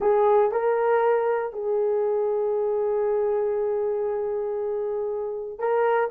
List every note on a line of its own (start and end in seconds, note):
0.00 0.51 G#4
0.51 1.52 A#4
1.52 5.58 G#4
5.58 6.09 A#4